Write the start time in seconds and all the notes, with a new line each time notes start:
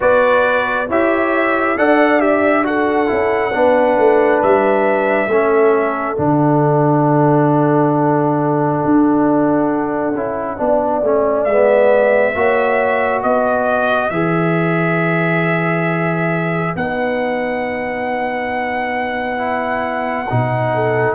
0.00 B3 F#4 B4 D5
0.87 E4 G4 C#5 E5
1.77 D4 A4 D5 F#5
2.19 G4 E5
2.63 F#4 A4 F#5
3.06 C#4 E4
3.53 B3 D4 B4
3.98 A3
4.42 G3 E5
5.26 A3 C#4 A4
6.16 D3 D4 F#5
8.85 D4
10.14 C#4 E4
10.57 B3 D4 D5
11.02 A3 C#4
11.44 G#3 B3 E5
12.35 A#3 F#4 C#5
13.22 B3 B4 D#5
14.10 E3 G#4 E5
16.76 B3 D#4 F#5
19.37 E4
20.29 B2 D#4
20.74 A4